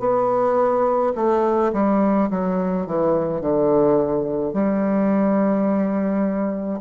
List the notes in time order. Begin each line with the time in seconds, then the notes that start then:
0.00 B3
1.16 A3
1.73 G3
2.31 F#3
2.87 E3
3.42 D3
4.53 G3